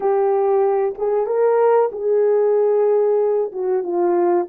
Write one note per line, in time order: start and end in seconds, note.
0.00 0.94 G4
0.97 1.26 G#4
1.26 1.90 A#4
1.92 3.51 G#4
3.52 3.83 F#4
3.83 4.47 F4